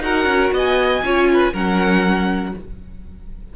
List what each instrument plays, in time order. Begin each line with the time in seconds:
0.00 cello D#4, viola F#4, violin A#4 F#5
0.25 cello C#4
0.52 cello B3, violin D#5 G#5
1.03 cello C#4, viola F4, violin C#5
1.33 violin B4
1.53 cello F#3, viola C#4, violin A#4 F#5